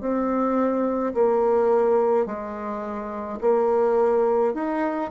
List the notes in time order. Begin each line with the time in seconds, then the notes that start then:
0.00 C4
1.14 A#3
2.25 G#3
3.41 A#3
4.54 D#4